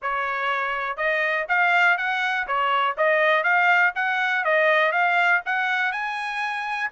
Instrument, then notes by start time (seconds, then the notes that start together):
trumpet
0.02 C#5
0.96 D#5
1.48 F5
1.97 F#5
2.47 C#5
2.97 D#5
3.43 F5
3.95 F#5
4.44 D#5
4.92 F5
5.45 F#5
5.92 G#5